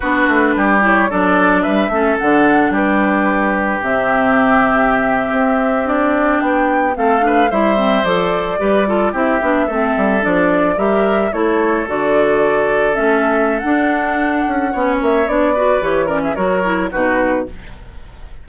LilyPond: <<
  \new Staff \with { instrumentName = "flute" } { \time 4/4 \tempo 4 = 110 b'4. cis''8 d''4 e''4 | fis''4 b'2 e''4~ | e''2~ e''8. d''4 g''16~ | g''8. f''4 e''4 d''4~ d''16~ |
d''8. e''2 d''4 e''16~ | e''8. cis''4 d''2 e''16~ | e''4 fis''2~ fis''8 e''8 | d''4 cis''8 d''16 e''16 cis''4 b'4 | }
  \new Staff \with { instrumentName = "oboe" } { \time 4/4 fis'4 g'4 a'4 b'8 a'8~ | a'4 g'2.~ | g'1~ | g'8. a'8 b'8 c''2 b'16~ |
b'16 a'8 g'4 a'2 ais'16~ | ais'8. a'2.~ a'16~ | a'2. cis''4~ | cis''8 b'4 ais'16 gis'16 ais'4 fis'4 | }
  \new Staff \with { instrumentName = "clarinet" } { \time 4/4 d'4. e'8 d'4. cis'8 | d'2. c'4~ | c'2~ c'8. d'4~ d'16~ | d'8. c'8 d'8 e'8 c'8 a'4 g'16~ |
g'16 f'8 e'8 d'8 c'4 d'4 g'16~ | g'8. e'4 fis'2 cis'16~ | cis'4 d'2 cis'4 | d'8 fis'8 g'8 cis'8 fis'8 e'8 dis'4 | }
  \new Staff \with { instrumentName = "bassoon" } { \time 4/4 b8 a8 g4 fis4 g8 a8 | d4 g2 c4~ | c4.~ c16 c'2 b16~ | b8. a4 g4 f4 g16~ |
g8. c'8 b8 a8 g8 f4 g16~ | g8. a4 d2 a16~ | a4 d'4. cis'8 b8 ais8 | b4 e4 fis4 b,4 | }
>>